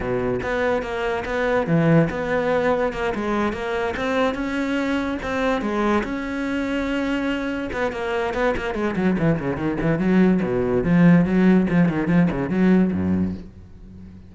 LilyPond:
\new Staff \with { instrumentName = "cello" } { \time 4/4 \tempo 4 = 144 b,4 b4 ais4 b4 | e4 b2 ais8 gis8~ | gis8 ais4 c'4 cis'4.~ | cis'8 c'4 gis4 cis'4.~ |
cis'2~ cis'8 b8 ais4 | b8 ais8 gis8 fis8 e8 cis8 dis8 e8 | fis4 b,4 f4 fis4 | f8 dis8 f8 cis8 fis4 fis,4 | }